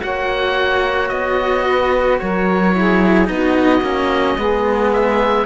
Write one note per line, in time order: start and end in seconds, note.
0.00 1.11 A#3
0.00 2.73 F#4
0.00 1.66 C#5
0.00 1.09 F#5
1.09 2.20 B3
1.09 2.18 D#5
1.66 2.20 B4
2.20 3.30 F#3
2.20 2.76 A#4
2.20 3.28 C#5
2.74 3.25 E4
2.74 3.31 G#4
3.25 3.81 B3
3.25 3.80 D#4
3.25 4.91 D#5
3.32 4.38 F#4
3.81 4.36 A#3
3.81 4.39 C#4
4.37 5.46 G#3
4.37 5.46 B3
4.37 5.46 G#4
4.93 5.46 E5